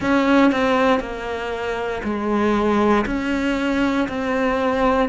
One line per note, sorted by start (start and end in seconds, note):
0.00 0.51 C#4
0.51 0.99 C4
0.99 2.01 A#3
2.03 3.05 G#3
3.06 4.07 C#4
4.08 5.09 C4